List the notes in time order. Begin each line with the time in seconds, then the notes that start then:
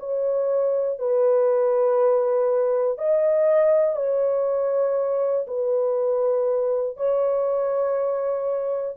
0.00 C#5
0.99 B4
2.98 D#5
3.96 C#5
5.48 B4
6.97 C#5